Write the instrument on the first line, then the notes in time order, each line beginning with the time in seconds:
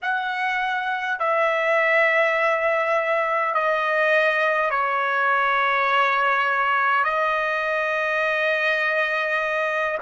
trumpet
0.02 F#5
1.19 E5
3.54 D#5
4.70 C#5
7.04 D#5